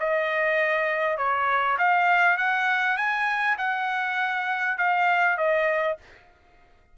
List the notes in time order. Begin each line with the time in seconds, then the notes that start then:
0.00 D#5
1.18 C#5
1.78 F5
2.38 F#5
2.97 G#5
3.58 F#5
4.78 F5
5.38 D#5